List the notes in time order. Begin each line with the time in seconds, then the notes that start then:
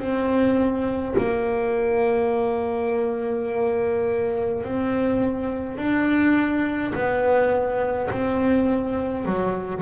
0.00 C4
1.18 A#3
4.64 C4
5.78 D4
6.94 B3
8.11 C4
9.26 F#3